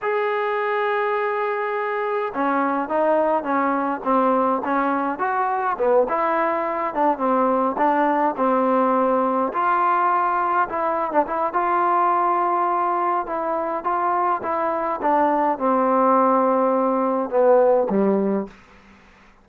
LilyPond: \new Staff \with { instrumentName = "trombone" } { \time 4/4 \tempo 4 = 104 gis'1 | cis'4 dis'4 cis'4 c'4 | cis'4 fis'4 b8 e'4. | d'8 c'4 d'4 c'4.~ |
c'8 f'2 e'8. d'16 e'8 | f'2. e'4 | f'4 e'4 d'4 c'4~ | c'2 b4 g4 | }